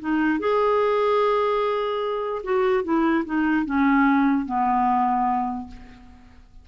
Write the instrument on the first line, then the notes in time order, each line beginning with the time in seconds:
clarinet
0.00 D#4
0.40 G#4
2.44 F#4
2.84 E4
3.25 D#4
3.66 C#4
4.46 B3